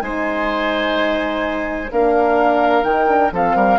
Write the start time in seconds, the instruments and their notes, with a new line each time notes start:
0.00 bassoon G#3, horn D#4, oboe C5, flute G#5
1.92 bassoon A#3, horn D4, oboe A#4, flute F5
2.84 bassoon D#3, horn D#4, flute G5
3.09 horn D4
3.32 bassoon F3, horn C4, oboe A4, flute F5
3.56 bassoon G3, oboe A#4